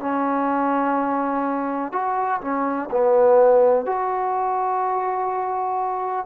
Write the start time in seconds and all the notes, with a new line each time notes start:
0.00 C#4
1.92 F#4
2.41 C#4
2.91 B3
3.86 F#4